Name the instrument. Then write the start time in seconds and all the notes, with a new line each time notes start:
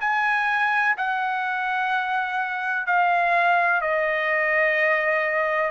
trumpet
0.00 G#5
0.97 F#5
2.86 F5
3.81 D#5